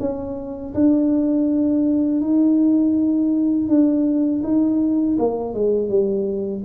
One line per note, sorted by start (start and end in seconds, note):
0.00 0.74 C#4
0.74 2.21 D4
2.21 3.68 D#4
3.68 4.42 D4
4.44 5.18 D#4
5.19 5.54 A#3
5.54 5.89 G#3
5.89 6.63 G3